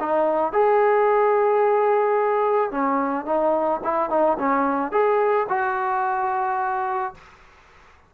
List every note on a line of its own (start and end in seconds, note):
0.00 0.53 D#4
0.53 2.71 G#4
2.71 3.26 C#4
3.26 3.81 D#4
3.84 4.10 E4
4.10 4.38 D#4
4.39 4.92 C#4
4.92 5.47 G#4
5.49 7.14 F#4